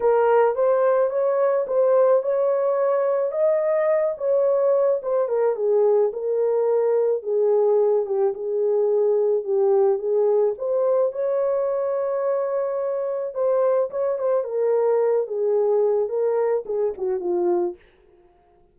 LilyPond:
\new Staff \with { instrumentName = "horn" } { \time 4/4 \tempo 4 = 108 ais'4 c''4 cis''4 c''4 | cis''2 dis''4. cis''8~ | cis''4 c''8 ais'8 gis'4 ais'4~ | ais'4 gis'4. g'8 gis'4~ |
gis'4 g'4 gis'4 c''4 | cis''1 | c''4 cis''8 c''8 ais'4. gis'8~ | gis'4 ais'4 gis'8 fis'8 f'4 | }